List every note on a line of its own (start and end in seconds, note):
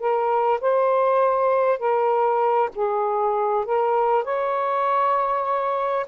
0.00 0.61 A#4
0.61 1.79 C5
1.79 2.70 A#4
2.75 3.66 G#4
3.66 4.25 A#4
4.25 6.06 C#5